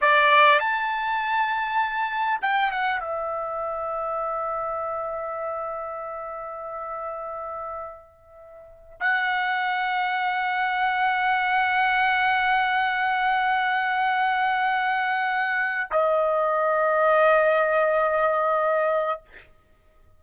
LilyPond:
\new Staff \with { instrumentName = "trumpet" } { \time 4/4 \tempo 4 = 100 d''4 a''2. | g''8 fis''8 e''2.~ | e''1~ | e''2. fis''4~ |
fis''1~ | fis''1~ | fis''2~ fis''8 dis''4.~ | dis''1 | }